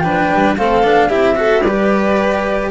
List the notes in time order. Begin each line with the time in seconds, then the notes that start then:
0.00 F3 D4 B4 G5
0.33 G3
0.57 A3 C4 A4 F5
0.83 B3 D4
1.09 C4 E4 G4 E5
1.35 F#4 A4
1.62 G3 G4 B4 D5